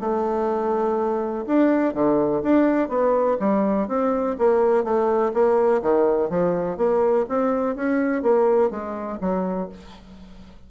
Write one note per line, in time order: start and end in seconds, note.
0.00 1.45 A3
1.47 1.94 D4
1.94 2.42 D3
2.43 2.89 D4
2.89 3.37 B3
3.40 3.88 G3
3.88 4.36 C4
4.39 4.84 A#3
4.84 5.32 A3
5.33 5.82 A#3
5.82 6.29 D#3
6.29 6.77 F3
6.77 7.26 A#3
7.29 7.76 C4
7.76 8.22 C#4
8.22 8.71 A#3
8.71 9.19 G#3
9.21 9.69 F#3